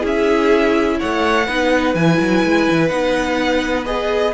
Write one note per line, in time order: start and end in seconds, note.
0.00 1.00 C#4
0.00 1.44 E4
0.00 0.96 G#4
0.07 1.00 E5
1.00 1.48 A3
1.00 1.47 C#5
1.00 1.95 F#5
1.47 1.95 B3
1.47 1.96 D#4
1.47 4.34 B4
1.95 2.19 E3
1.95 2.90 E4
1.95 2.88 G#5
2.20 2.44 F#3
2.44 2.68 G#3
2.71 2.91 E3
2.88 4.34 B3
2.88 3.86 D#4
2.88 3.84 F#5
3.86 4.34 G#4
3.86 4.34 D#5